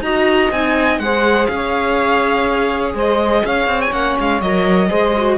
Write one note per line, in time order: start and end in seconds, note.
0.00 0.49 D#4
0.00 0.52 F#4
0.00 1.01 D#5
0.00 0.50 A#5
0.50 0.98 C4
0.50 1.02 D#4
0.50 0.99 G#5
0.98 1.47 G#3
0.98 3.91 G#4
0.98 1.52 C5
0.98 1.46 F#5
1.46 2.94 C#4
1.46 2.92 F5
1.53 2.95 C#5
2.94 3.42 G#3
2.94 3.43 C5
2.94 3.46 D#5
3.44 3.66 C#4
3.44 4.89 C#5
3.44 3.81 F5
3.66 3.91 C4
3.81 3.92 G#5
3.91 4.16 A#3
3.91 4.40 C#4
3.91 4.16 F#5
4.19 4.41 G#3
4.19 4.41 F5
4.41 4.90 F#3
4.41 4.89 A#4
4.41 5.38 D#5
4.89 5.38 G#3
4.89 5.13 G#4
4.89 5.38 C5
5.16 5.38 F#4